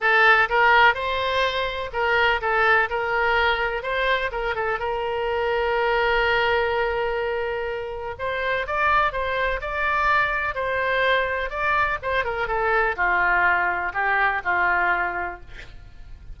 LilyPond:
\new Staff \with { instrumentName = "oboe" } { \time 4/4 \tempo 4 = 125 a'4 ais'4 c''2 | ais'4 a'4 ais'2 | c''4 ais'8 a'8 ais'2~ | ais'1~ |
ais'4 c''4 d''4 c''4 | d''2 c''2 | d''4 c''8 ais'8 a'4 f'4~ | f'4 g'4 f'2 | }